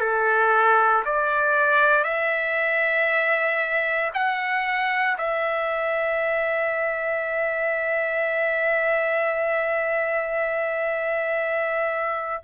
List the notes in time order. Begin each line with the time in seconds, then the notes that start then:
0.00 A4
1.05 D5
2.04 E5
4.14 F#5
5.18 E5